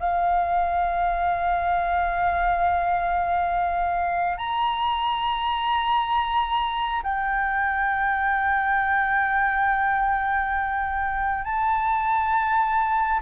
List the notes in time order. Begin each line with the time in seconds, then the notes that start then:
0.00 F5
4.38 A#5
7.03 G5
11.44 A5